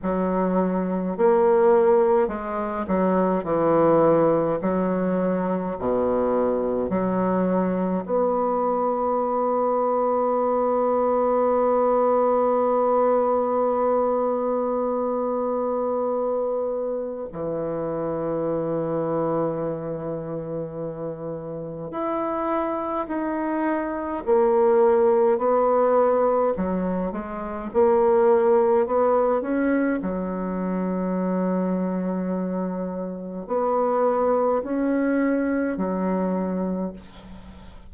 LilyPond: \new Staff \with { instrumentName = "bassoon" } { \time 4/4 \tempo 4 = 52 fis4 ais4 gis8 fis8 e4 | fis4 b,4 fis4 b4~ | b1~ | b2. e4~ |
e2. e'4 | dis'4 ais4 b4 fis8 gis8 | ais4 b8 cis'8 fis2~ | fis4 b4 cis'4 fis4 | }